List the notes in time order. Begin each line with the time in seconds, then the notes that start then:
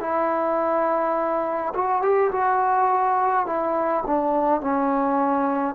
0.00 E4
1.74 F#4
2.01 G4
2.31 F#4
3.46 E4
4.06 D4
4.60 C#4